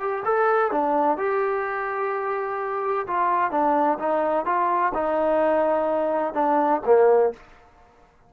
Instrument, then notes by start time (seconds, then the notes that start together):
trombone
0.00 G4
0.25 A4
0.72 D4
1.17 G4
3.07 F4
3.51 D4
3.99 D#4
4.45 F4
4.94 D#4
6.34 D4
6.86 A#3